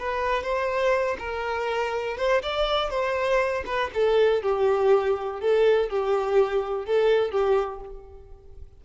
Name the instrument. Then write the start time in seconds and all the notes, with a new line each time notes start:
violin
0.00 B4
0.44 C5
1.19 A#4
2.18 C5
2.43 D5
2.90 C5
3.66 B4
3.94 A4
4.43 G4
5.41 A4
5.90 G4
6.86 A4
7.32 G4